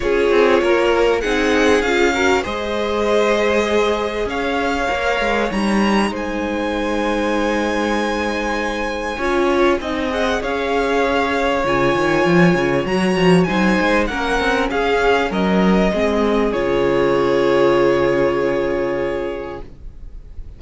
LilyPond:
<<
  \new Staff \with { instrumentName = "violin" } { \time 4/4 \tempo 4 = 98 cis''2 fis''4 f''4 | dis''2. f''4~ | f''4 ais''4 gis''2~ | gis''1~ |
gis''8 fis''8 f''2 gis''4~ | gis''4 ais''4 gis''4 fis''4 | f''4 dis''2 cis''4~ | cis''1 | }
  \new Staff \with { instrumentName = "violin" } { \time 4/4 gis'4 ais'4 gis'4. ais'8 | c''2. cis''4~ | cis''2 c''2~ | c''2. cis''4 |
dis''4 cis''2.~ | cis''2 c''4 ais'4 | gis'4 ais'4 gis'2~ | gis'1 | }
  \new Staff \with { instrumentName = "viola" } { \time 4/4 f'2 dis'4 f'8 fis'8 | gis'1 | ais'4 dis'2.~ | dis'2. f'4 |
dis'8 gis'2~ gis'8 f'4~ | f'4 fis'4 dis'4 cis'4~ | cis'2 c'4 f'4~ | f'1 | }
  \new Staff \with { instrumentName = "cello" } { \time 4/4 cis'8 c'8 ais4 c'4 cis'4 | gis2. cis'4 | ais8 gis8 g4 gis2~ | gis2. cis'4 |
c'4 cis'2 cis8 dis8 | f8 cis8 fis8 f8 fis8 gis8 ais8 c'8 | cis'4 fis4 gis4 cis4~ | cis1 | }
>>